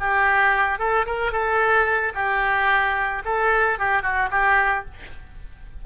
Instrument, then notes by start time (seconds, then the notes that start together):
oboe
0.00 G4
0.79 A4
1.06 A#4
1.32 A4
2.15 G4
3.25 A4
3.79 G4
4.03 F#4
4.31 G4